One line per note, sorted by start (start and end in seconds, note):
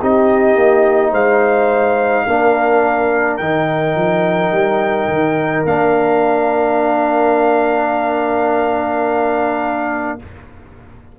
0.00 0.55 C4
0.00 2.28 D#4
0.00 1.11 G4
0.00 1.13 D#5
0.55 1.12 A#3
1.11 2.25 G#3
1.11 2.24 C5
1.11 3.37 F5
2.26 3.40 A#3
2.26 3.41 D4
2.26 10.19 A#4
3.37 3.95 D#3
3.37 5.66 D#4
3.37 5.63 G5
3.95 4.51 F3
4.51 5.08 G3
5.08 5.64 D#3
5.65 10.18 A#3
5.65 10.19 D4
5.65 10.19 F5